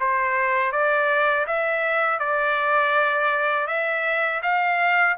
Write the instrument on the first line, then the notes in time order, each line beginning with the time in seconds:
trumpet
0.00 C5
0.72 D5
1.47 E5
2.19 D5
3.67 E5
4.42 F5